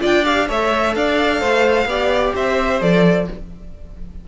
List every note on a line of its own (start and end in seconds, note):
0.00 0.49 D4
0.00 0.23 F4
0.00 0.47 D5
0.00 0.25 G5
0.25 0.48 G4
0.25 0.48 F5
0.48 0.95 A3
0.48 1.88 A4
0.48 0.94 C#5
0.48 0.95 E5
0.95 1.41 D4
0.95 1.40 D5
0.95 2.34 F5
1.40 1.85 A3
1.40 1.87 C5
1.85 2.32 B3
1.85 2.80 G4
1.85 2.34 D5
2.34 2.81 C4
2.34 3.27 C5
2.34 2.81 E5
2.80 3.27 F3
2.80 3.27 A4
2.80 3.28 D5